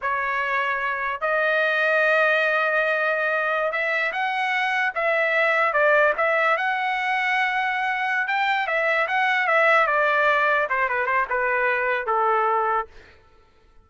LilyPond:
\new Staff \with { instrumentName = "trumpet" } { \time 4/4 \tempo 4 = 149 cis''2. dis''4~ | dis''1~ | dis''4~ dis''16 e''4 fis''4.~ fis''16~ | fis''16 e''2 d''4 e''8.~ |
e''16 fis''2.~ fis''8.~ | fis''8 g''4 e''4 fis''4 e''8~ | e''8 d''2 c''8 b'8 c''8 | b'2 a'2 | }